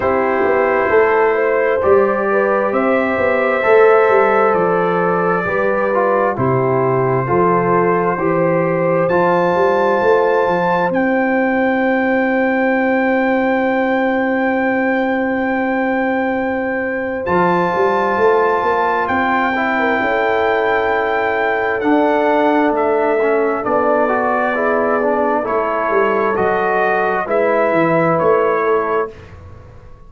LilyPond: <<
  \new Staff \with { instrumentName = "trumpet" } { \time 4/4 \tempo 4 = 66 c''2 d''4 e''4~ | e''4 d''2 c''4~ | c''2 a''2 | g''1~ |
g''2. a''4~ | a''4 g''2. | fis''4 e''4 d''2 | cis''4 dis''4 e''4 cis''4 | }
  \new Staff \with { instrumentName = "horn" } { \time 4/4 g'4 a'8 c''4 b'8 c''4~ | c''2 b'4 g'4 | a'4 c''2.~ | c''1~ |
c''1~ | c''4.~ c''16 ais'16 a'2~ | a'2. gis'4 | a'2 b'4. a'8 | }
  \new Staff \with { instrumentName = "trombone" } { \time 4/4 e'2 g'2 | a'2 g'8 f'8 e'4 | f'4 g'4 f'2 | e'1~ |
e'2. f'4~ | f'4. e'2~ e'8 | d'4. cis'8 d'8 fis'8 e'8 d'8 | e'4 fis'4 e'2 | }
  \new Staff \with { instrumentName = "tuba" } { \time 4/4 c'8 b8 a4 g4 c'8 b8 | a8 g8 f4 g4 c4 | f4 e4 f8 g8 a8 f8 | c'1~ |
c'2. f8 g8 | a8 ais8 c'4 cis'2 | d'4 a4 b2 | a8 g8 fis4 gis8 e8 a4 | }
>>